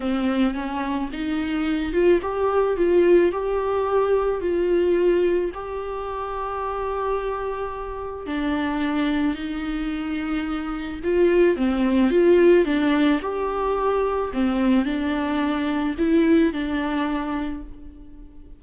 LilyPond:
\new Staff \with { instrumentName = "viola" } { \time 4/4 \tempo 4 = 109 c'4 cis'4 dis'4. f'8 | g'4 f'4 g'2 | f'2 g'2~ | g'2. d'4~ |
d'4 dis'2. | f'4 c'4 f'4 d'4 | g'2 c'4 d'4~ | d'4 e'4 d'2 | }